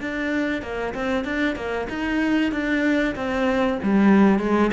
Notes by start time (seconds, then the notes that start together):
0.00 D4
0.62 A#3
0.94 C4
1.24 D4
1.56 A#3
1.89 D#4
2.51 D4
3.15 C4
3.83 G3
4.39 G#3